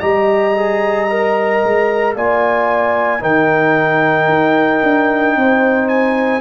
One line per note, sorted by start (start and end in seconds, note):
0.00 1.63 G3
0.00 0.55 G4
0.00 2.14 D#5
0.00 2.15 A#5
0.55 1.09 G#4
1.10 2.17 A#4
1.64 2.15 G#3
2.15 3.22 A#3
2.15 3.20 F4
2.15 3.22 D5
2.15 3.23 G#5
3.20 4.28 D#3
3.20 6.41 D#4
3.20 5.36 A#4
3.20 5.89 G5
4.28 4.81 D#4
4.83 5.36 D4
5.36 6.41 C4
5.36 6.41 C5
5.89 6.41 G#5